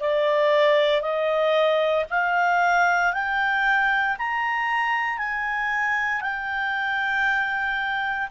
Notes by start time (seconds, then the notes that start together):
0.00 D5
1.02 D#5
2.10 F5
3.13 G5
4.18 A#5
5.18 G#5
6.22 G5